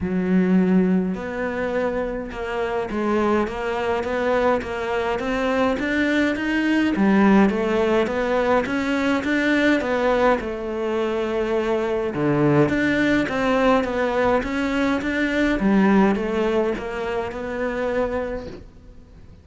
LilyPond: \new Staff \with { instrumentName = "cello" } { \time 4/4 \tempo 4 = 104 fis2 b2 | ais4 gis4 ais4 b4 | ais4 c'4 d'4 dis'4 | g4 a4 b4 cis'4 |
d'4 b4 a2~ | a4 d4 d'4 c'4 | b4 cis'4 d'4 g4 | a4 ais4 b2 | }